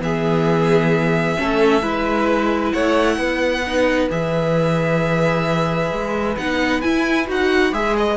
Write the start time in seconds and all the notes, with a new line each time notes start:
0.00 E3 B3 G#4 E5
1.36 A3 C#4 A4
1.81 G#3 E4 B4
2.72 A3 C#5 F#5
3.17 B3 B4
3.66 D#4
4.09 E3 G#4 E5
5.91 G#3
6.37 B3 D#4 F#5
6.81 E4 G#5
7.27 D#4 F#4 F#5
7.72 G#3 G#4 E5
7.97 D#5